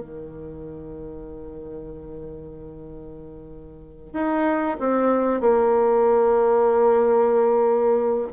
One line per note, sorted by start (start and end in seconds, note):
0.00 4.13 D#3
4.13 4.77 D#4
4.80 5.41 C4
5.41 8.28 A#3